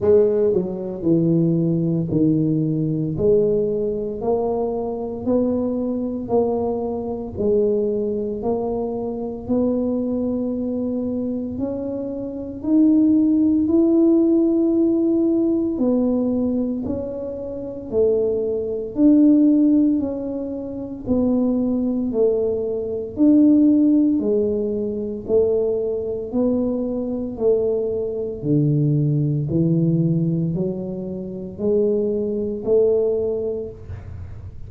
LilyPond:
\new Staff \with { instrumentName = "tuba" } { \time 4/4 \tempo 4 = 57 gis8 fis8 e4 dis4 gis4 | ais4 b4 ais4 gis4 | ais4 b2 cis'4 | dis'4 e'2 b4 |
cis'4 a4 d'4 cis'4 | b4 a4 d'4 gis4 | a4 b4 a4 d4 | e4 fis4 gis4 a4 | }